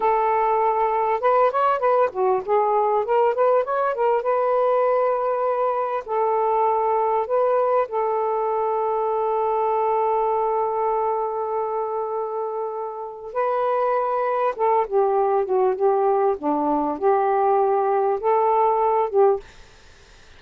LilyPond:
\new Staff \with { instrumentName = "saxophone" } { \time 4/4 \tempo 4 = 99 a'2 b'8 cis''8 b'8 fis'8 | gis'4 ais'8 b'8 cis''8 ais'8 b'4~ | b'2 a'2 | b'4 a'2.~ |
a'1~ | a'2 b'2 | a'8 g'4 fis'8 g'4 d'4 | g'2 a'4. g'8 | }